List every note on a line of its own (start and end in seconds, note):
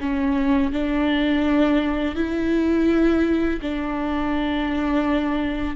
0.00 0.72 C#4
0.72 2.15 D4
2.15 3.60 E4
3.61 5.75 D4